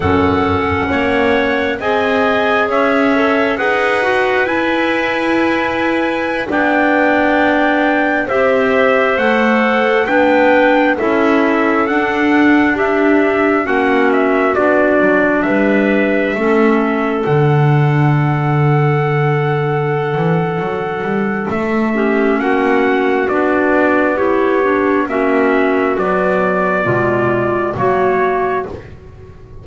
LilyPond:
<<
  \new Staff \with { instrumentName = "trumpet" } { \time 4/4 \tempo 4 = 67 fis''2 gis''4 e''4 | fis''4 gis''2~ gis''16 g''8.~ | g''4~ g''16 e''4 fis''4 g''8.~ | g''16 e''4 fis''4 e''4 fis''8 e''16~ |
e''16 d''4 e''2 fis''8.~ | fis''1 | e''4 fis''4 d''4 cis''4 | e''4 d''2 cis''4 | }
  \new Staff \with { instrumentName = "clarinet" } { \time 4/4 a'4 cis''4 dis''4 cis''4 | b'2.~ b'16 d''8.~ | d''4~ d''16 c''2 b'8.~ | b'16 a'2 g'4 fis'8.~ |
fis'4~ fis'16 b'4 a'4.~ a'16~ | a'1~ | a'8 g'8 fis'2 g'4 | fis'2 f'4 fis'4 | }
  \new Staff \with { instrumentName = "clarinet" } { \time 4/4 cis'2 gis'4. a'8 | gis'8 fis'8 e'2~ e'16 d'8.~ | d'4~ d'16 g'4 a'4 d'8.~ | d'16 e'4 d'2 cis'8.~ |
cis'16 d'2 cis'4 d'8.~ | d'1~ | d'8 cis'4. d'4 e'8 d'8 | cis'4 fis4 gis4 ais4 | }
  \new Staff \with { instrumentName = "double bass" } { \time 4/4 fis,4 ais4 c'4 cis'4 | dis'4 e'2~ e'16 b8.~ | b4~ b16 c'4 a4 b8.~ | b16 cis'4 d'2 ais8.~ |
ais16 b8 fis8 g4 a4 d8.~ | d2~ d8 e8 fis8 g8 | a4 ais4 b2 | ais4 b4 b,4 fis4 | }
>>